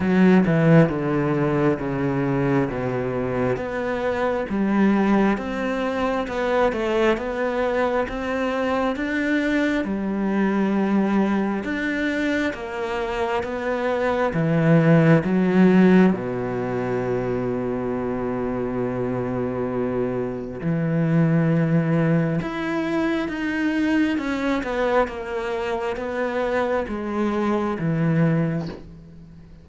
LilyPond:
\new Staff \with { instrumentName = "cello" } { \time 4/4 \tempo 4 = 67 fis8 e8 d4 cis4 b,4 | b4 g4 c'4 b8 a8 | b4 c'4 d'4 g4~ | g4 d'4 ais4 b4 |
e4 fis4 b,2~ | b,2. e4~ | e4 e'4 dis'4 cis'8 b8 | ais4 b4 gis4 e4 | }